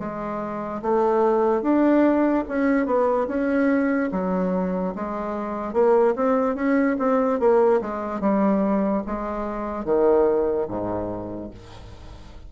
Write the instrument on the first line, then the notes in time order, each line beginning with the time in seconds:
bassoon
0.00 G#3
0.83 A3
1.63 D4
2.49 C#4
2.86 B3
3.28 C#4
4.12 F#3
4.96 G#3
5.74 A#3
6.16 C4
6.56 C#4
6.99 C4
7.40 A#3
7.82 G#3
8.21 G3
9.07 G#3
9.85 D#3
10.69 G#2